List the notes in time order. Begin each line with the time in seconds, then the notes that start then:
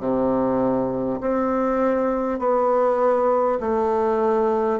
0.00 C3
1.21 C4
2.39 B3
3.60 A3